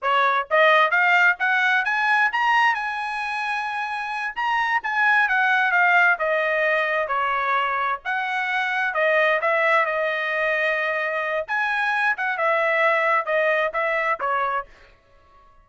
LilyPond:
\new Staff \with { instrumentName = "trumpet" } { \time 4/4 \tempo 4 = 131 cis''4 dis''4 f''4 fis''4 | gis''4 ais''4 gis''2~ | gis''4. ais''4 gis''4 fis''8~ | fis''8 f''4 dis''2 cis''8~ |
cis''4. fis''2 dis''8~ | dis''8 e''4 dis''2~ dis''8~ | dis''4 gis''4. fis''8 e''4~ | e''4 dis''4 e''4 cis''4 | }